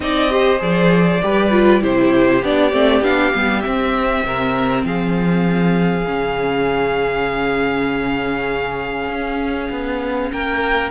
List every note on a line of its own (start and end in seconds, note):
0.00 0.60 C4
0.00 0.30 D#4
0.00 0.32 D5
0.00 0.61 D#5
0.30 0.58 G4
0.30 1.22 C5
0.58 1.22 F3
0.58 1.19 G#4
0.58 1.83 D5
1.22 1.83 G3
1.22 1.51 G4
1.22 1.82 B4
1.51 1.80 F4
1.80 2.42 C3
1.80 2.41 E4
1.80 4.24 G4
1.80 2.44 C5
2.42 2.72 B3
2.42 2.71 D4
2.42 3.03 D5
2.71 3.01 A3
2.71 3.01 C4
3.01 3.31 B3
3.01 3.33 D4
3.01 3.61 F5
3.34 3.65 G3
3.34 3.63 B3
3.61 6.05 C4
3.61 4.24 C4
3.61 4.82 E5
4.24 4.83 C3
4.24 4.86 A#4
4.83 6.05 F3
4.83 10.31 G#4
4.83 10.31 F5
6.06 9.09 C#3
6.06 10.90 C#4
9.09 9.69 C#4
9.70 10.31 B3
10.31 10.90 A#3
10.31 10.90 A#4
10.31 10.90 G5